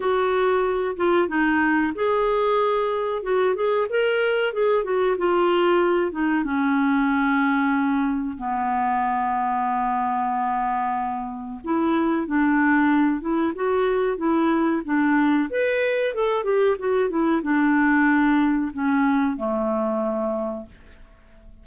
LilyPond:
\new Staff \with { instrumentName = "clarinet" } { \time 4/4 \tempo 4 = 93 fis'4. f'8 dis'4 gis'4~ | gis'4 fis'8 gis'8 ais'4 gis'8 fis'8 | f'4. dis'8 cis'2~ | cis'4 b2.~ |
b2 e'4 d'4~ | d'8 e'8 fis'4 e'4 d'4 | b'4 a'8 g'8 fis'8 e'8 d'4~ | d'4 cis'4 a2 | }